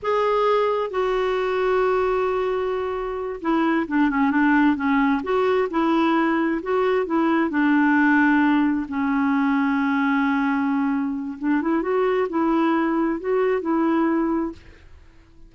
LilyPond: \new Staff \with { instrumentName = "clarinet" } { \time 4/4 \tempo 4 = 132 gis'2 fis'2~ | fis'2.~ fis'8 e'8~ | e'8 d'8 cis'8 d'4 cis'4 fis'8~ | fis'8 e'2 fis'4 e'8~ |
e'8 d'2. cis'8~ | cis'1~ | cis'4 d'8 e'8 fis'4 e'4~ | e'4 fis'4 e'2 | }